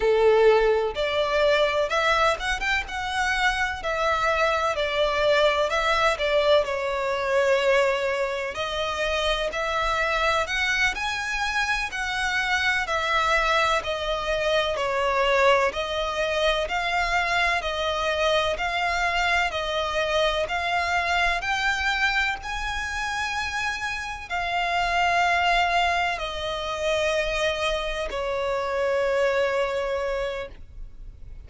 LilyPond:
\new Staff \with { instrumentName = "violin" } { \time 4/4 \tempo 4 = 63 a'4 d''4 e''8 fis''16 g''16 fis''4 | e''4 d''4 e''8 d''8 cis''4~ | cis''4 dis''4 e''4 fis''8 gis''8~ | gis''8 fis''4 e''4 dis''4 cis''8~ |
cis''8 dis''4 f''4 dis''4 f''8~ | f''8 dis''4 f''4 g''4 gis''8~ | gis''4. f''2 dis''8~ | dis''4. cis''2~ cis''8 | }